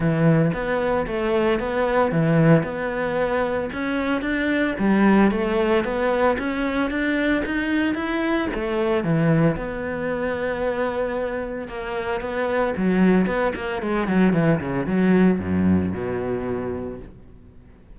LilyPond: \new Staff \with { instrumentName = "cello" } { \time 4/4 \tempo 4 = 113 e4 b4 a4 b4 | e4 b2 cis'4 | d'4 g4 a4 b4 | cis'4 d'4 dis'4 e'4 |
a4 e4 b2~ | b2 ais4 b4 | fis4 b8 ais8 gis8 fis8 e8 cis8 | fis4 fis,4 b,2 | }